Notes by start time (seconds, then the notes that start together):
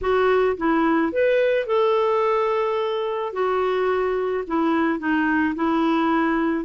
0.01 F#4
0.57 E4
1.12 B4
1.66 A4
3.32 F#4
4.47 E4
4.98 D#4
5.55 E4